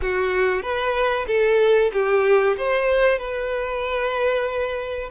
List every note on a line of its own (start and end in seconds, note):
0.01 0.62 F#4
0.62 1.26 B4
1.27 1.91 A4
1.92 2.56 G4
2.57 3.18 C5
3.18 5.09 B4